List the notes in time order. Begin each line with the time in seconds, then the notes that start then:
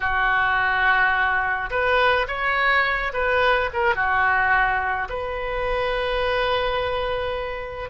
0.00 F#4
1.70 B4
2.27 C#5
3.13 B4
3.73 A#4
3.95 F#4
5.09 B4